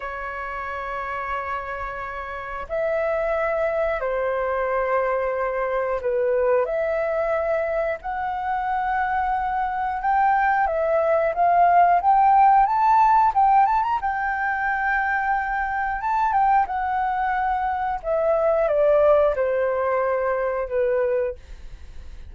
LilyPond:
\new Staff \with { instrumentName = "flute" } { \time 4/4 \tempo 4 = 90 cis''1 | e''2 c''2~ | c''4 b'4 e''2 | fis''2. g''4 |
e''4 f''4 g''4 a''4 | g''8 a''16 ais''16 g''2. | a''8 g''8 fis''2 e''4 | d''4 c''2 b'4 | }